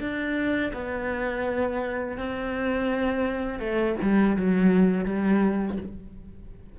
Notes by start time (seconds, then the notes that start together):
0.00 D4
0.74 B3
2.18 C4
3.60 A3
4.02 G3
4.37 F#3
5.05 G3